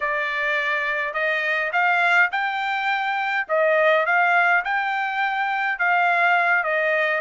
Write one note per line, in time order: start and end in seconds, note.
0.00 1.13 D5
1.13 1.71 D#5
1.72 2.30 F5
2.31 3.47 G5
3.48 4.06 D#5
4.06 4.63 F5
4.64 5.78 G5
5.78 6.63 F5
6.63 7.21 D#5